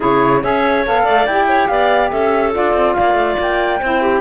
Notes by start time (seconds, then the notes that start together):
0.00 C#3 E4 G#4 C#5
0.42 C#4 G#4 C#5 E5
0.84 B3 A4 F5
1.03 A3 D5
1.26 E4 G4 G5
1.48 C#5
1.67 B3 D5 F5
2.10 C#4 A4 E5
2.51 F4 D5
2.58 D4
2.73 C4
2.93 A#3 D5 F5
3.14 A3
3.38 A#3 G5
3.80 C4 E4 C5
4.01 G4